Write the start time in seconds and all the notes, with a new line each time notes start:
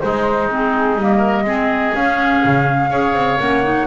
0.00 G#3 D#4 C5
0.50 C4 G#4
0.95 G3 A#3 D#5
1.17 A#4
1.44 G#3 C4 G#4
1.94 C#4 F5
2.44 C#3
2.90 C#4 G#4 C#5
3.13 C4
3.39 A#3 C#4 F#5
3.63 D#4